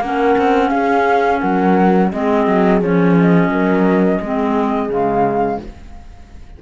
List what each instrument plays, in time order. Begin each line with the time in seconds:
0.00 cello A#3, clarinet C#4, horn A#4, flute F#5
0.38 cello C4
0.69 cello C#4, horn G#4, flute F5
1.40 cello F#3, horn A#4, flute F#5
2.11 cello G#3, clarinet C4, horn G#4, flute D#5
2.47 cello F#3
2.81 cello F3, clarinet C#4, flute C#5
3.20 flute D#5
3.49 cello F#3, horn A#4
4.20 cello G#3, clarinet C4, horn G#4
4.89 cello C#3, clarinet G#3, flute F5